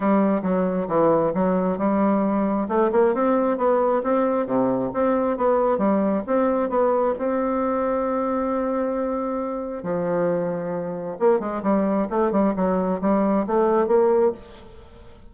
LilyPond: \new Staff \with { instrumentName = "bassoon" } { \time 4/4 \tempo 4 = 134 g4 fis4 e4 fis4 | g2 a8 ais8 c'4 | b4 c'4 c4 c'4 | b4 g4 c'4 b4 |
c'1~ | c'2 f2~ | f4 ais8 gis8 g4 a8 g8 | fis4 g4 a4 ais4 | }